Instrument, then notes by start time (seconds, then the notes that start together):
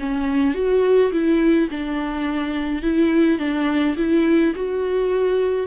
viola
0.00 C#4
0.55 F#4
1.12 E4
1.71 D4
2.83 E4
3.39 D4
3.97 E4
4.56 F#4